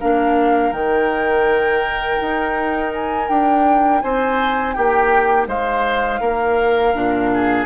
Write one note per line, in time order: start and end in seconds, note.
0.00 0.72 A#3
0.00 0.74 D4
0.00 4.03 A#4
0.00 0.73 F5
0.72 2.19 D#3
0.72 6.95 D#4
0.72 2.93 G5
2.21 3.30 D#4
2.94 3.28 G#5
3.28 4.03 D4
3.28 4.02 G5
4.02 4.77 C4
4.02 4.76 C5
4.02 4.73 G#5
4.73 5.47 A#3
4.73 5.48 G4
4.73 5.47 G5
5.47 6.21 G#3
5.47 6.21 C5
5.47 7.66 F5
6.21 6.95 A#3
6.21 7.31 A#4
6.95 7.66 A#2
6.95 7.66 D4
7.34 7.66 G#4